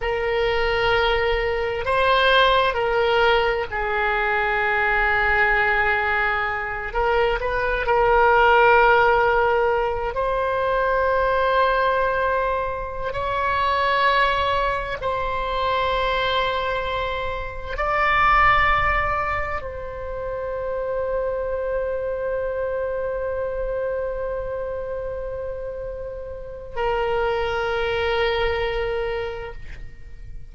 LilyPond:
\new Staff \with { instrumentName = "oboe" } { \time 4/4 \tempo 4 = 65 ais'2 c''4 ais'4 | gis'2.~ gis'8 ais'8 | b'8 ais'2~ ais'8 c''4~ | c''2~ c''16 cis''4.~ cis''16~ |
cis''16 c''2. d''8.~ | d''4~ d''16 c''2~ c''8.~ | c''1~ | c''4 ais'2. | }